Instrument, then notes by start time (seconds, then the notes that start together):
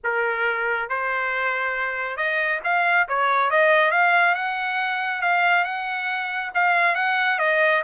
trumpet
0.03 A#4
0.89 C5
2.16 D#5
2.64 F5
3.08 C#5
3.50 D#5
3.91 F5
4.35 F#5
5.21 F5
5.64 F#5
6.54 F5
6.95 F#5
7.39 D#5